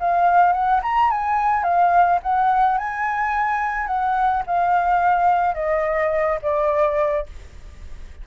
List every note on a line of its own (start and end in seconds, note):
0.00 0.53 F5
0.53 0.81 F#5
0.83 1.11 A#5
1.11 1.64 G#5
1.64 2.20 F5
2.23 2.78 F#5
2.78 3.87 G#5
3.87 4.43 F#5
4.47 5.55 F5
5.55 6.39 D#5
6.42 7.26 D5